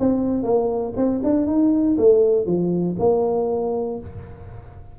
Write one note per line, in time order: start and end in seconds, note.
0.00 0.43 C4
0.43 0.93 A#3
0.97 1.22 C4
1.24 1.47 D4
1.47 1.97 D#4
1.98 2.47 A3
2.47 2.97 F3
3.00 4.00 A#3